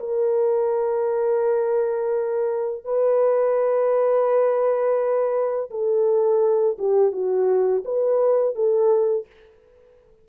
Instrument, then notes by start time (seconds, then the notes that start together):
horn
0.00 A#4
2.85 B4
5.71 A4
6.79 G4
7.12 F#4
7.85 B4
8.56 A4